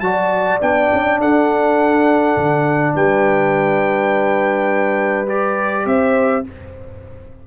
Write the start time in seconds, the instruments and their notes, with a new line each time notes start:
0.00 tuba F#3, trombone F#4, horn D5, trumpet A5
0.61 tuba B3, trombone D4, trumpet G5
0.92 tuba C#4
1.19 tuba D4, horn A4, trumpet F#5
2.36 tuba D3
2.94 tuba G3, horn B4, trumpet G5
5.27 trombone G4, trumpet D5
5.85 tuba C4, horn C5, trumpet E5